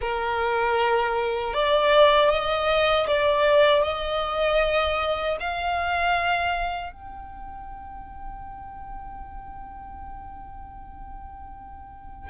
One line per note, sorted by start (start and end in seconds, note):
0.01 1.53 A#4
1.53 2.29 D5
2.29 3.06 D#5
3.07 3.83 D5
3.83 5.37 D#5
5.40 6.92 F5
6.92 12.29 G5